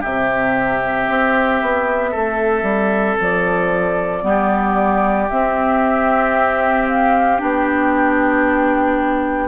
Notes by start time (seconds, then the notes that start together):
0.00 C3 C4 G4 E5
1.09 C4
1.62 B3
2.11 A3 A4
2.62 G3
3.20 F3 D5
4.22 G3 B3 G4
5.29 C4 E5
6.88 F5
7.38 B3 D4 G5